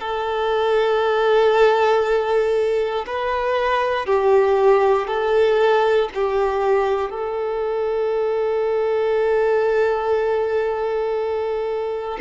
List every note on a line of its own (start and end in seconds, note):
0.00 3.05 A4
3.06 4.06 B4
4.06 5.07 G4
5.07 6.09 A4
6.14 7.10 G4
7.10 12.18 A4